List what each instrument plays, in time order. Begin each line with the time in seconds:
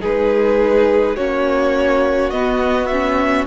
0.00 cello G#3, viola D#4, violin G#4 B4
1.16 cello A#3, viola C#4, violin F#4 C#5
2.30 cello B3, viola B3, violin D#5
2.87 viola C#4, violin E5